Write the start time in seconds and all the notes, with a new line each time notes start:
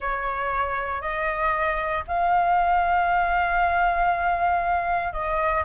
0.00 C#5
1.01 D#5
2.07 F5
5.12 D#5